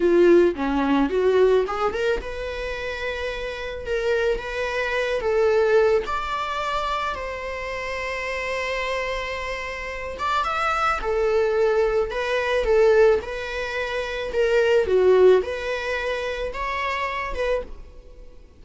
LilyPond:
\new Staff \with { instrumentName = "viola" } { \time 4/4 \tempo 4 = 109 f'4 cis'4 fis'4 gis'8 ais'8 | b'2. ais'4 | b'4. a'4. d''4~ | d''4 c''2.~ |
c''2~ c''8 d''8 e''4 | a'2 b'4 a'4 | b'2 ais'4 fis'4 | b'2 cis''4. b'8 | }